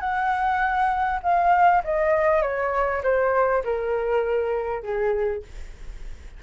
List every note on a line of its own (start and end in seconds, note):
0.00 1.20 F#5
1.23 1.83 F5
1.84 2.42 D#5
2.42 3.02 C#5
3.03 3.63 C5
3.64 4.83 A#4
4.83 5.43 G#4